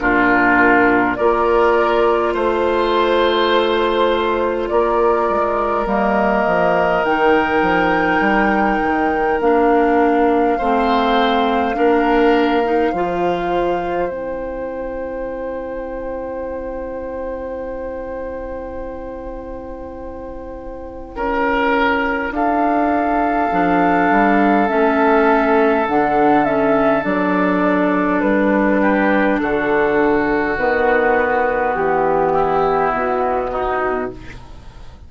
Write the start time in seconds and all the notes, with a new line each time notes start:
0.00 A#2 D4 F4 A#4
1.16 A#3 F4 A#4 D5
2.34 A3 C5
4.69 A#3 A#4 D5
5.30 G#3
5.86 G3 A#3 D#5
6.47 F3
7.04 D#3 D#4 G5
7.62 F3
8.20 G3
8.83 D#3
9.41 A#3 D4 F5
10.58 A3 C4 C5
11.75 A#3 D4 A#4
12.64 D#4
12.92 F3 F4 C5
14.09 C4 E4 G5
21.16 C#4 A#4
22.31 D4 A4 F5
23.52 F3 D4
24.11 G3
24.68 A3 C#4 E5
25.88 D3 D4 F#5
26.45 C#4 E5
27.02 F#3 D4 D5
28.21 G3 B4
28.82 G4
29.40 D3 F#4 A4
30.58 D#3 B3 B4
31.75 E3 G4
32.33 E4
32.92 B2 F#4
33.52 D#4